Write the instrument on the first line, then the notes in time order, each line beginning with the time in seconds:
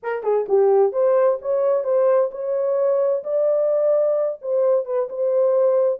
horn
0.02 A#4
0.23 G#4
0.48 G4
0.92 C5
1.41 C#5
1.84 C5
2.31 C#5
3.23 D5
4.41 C5
4.85 B4
5.09 C5